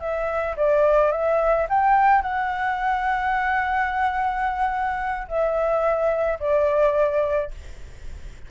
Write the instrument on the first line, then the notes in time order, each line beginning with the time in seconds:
flute
0.00 E5
0.56 D5
1.11 E5
1.69 G5
2.22 F#5
5.28 E5
6.39 D5